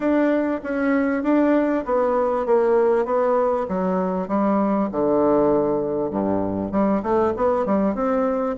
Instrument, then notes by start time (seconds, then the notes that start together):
bassoon
0.00 D4
0.63 C#4
1.23 D4
1.85 B3
2.46 A#3
3.05 B3
3.68 F#3
4.27 G3
4.91 D3
6.10 G2
6.71 G3
7.02 A3
7.36 B3
7.65 G3
7.94 C4